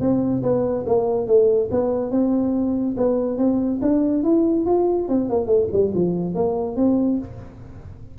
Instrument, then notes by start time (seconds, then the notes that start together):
tuba
0.00 C4
0.43 B3
0.86 A#3
1.27 A3
1.71 B3
2.11 C4
2.97 B3
3.38 C4
3.82 D4
4.23 E4
4.66 F4
5.08 C4
5.29 A#3
5.46 A3
5.72 G3
5.95 F3
6.35 A#3
6.76 C4